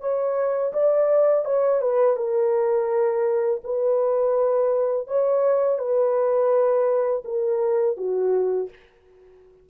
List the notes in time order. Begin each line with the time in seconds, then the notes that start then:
0.00 C#5
0.73 D5
1.45 C#5
1.81 B4
2.16 A#4
3.64 B4
5.07 C#5
5.78 B4
7.24 A#4
7.97 F#4